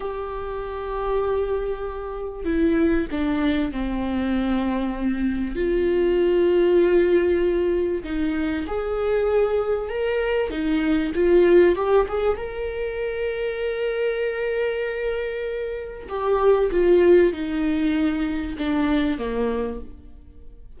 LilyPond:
\new Staff \with { instrumentName = "viola" } { \time 4/4 \tempo 4 = 97 g'1 | e'4 d'4 c'2~ | c'4 f'2.~ | f'4 dis'4 gis'2 |
ais'4 dis'4 f'4 g'8 gis'8 | ais'1~ | ais'2 g'4 f'4 | dis'2 d'4 ais4 | }